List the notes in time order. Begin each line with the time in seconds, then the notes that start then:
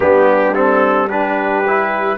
0.00 G3 B3 D4 G4
0.53 C4 A4
1.07 D4 G4 B4
1.67 E4